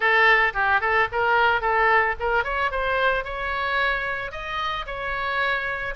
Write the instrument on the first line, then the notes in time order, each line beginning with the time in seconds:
oboe
0.00 A4
0.53 G4
0.80 A4
1.12 A#4
1.61 A4
2.19 A#4
2.44 C#5
2.71 C5
3.24 C#5
4.31 D#5
4.86 C#5